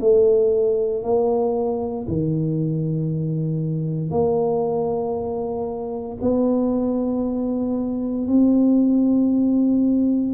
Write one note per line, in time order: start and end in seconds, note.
0.00 1.03 A3
1.03 2.06 A#3
2.08 4.11 D#3
4.11 6.17 A#3
6.22 8.27 B3
8.27 10.34 C4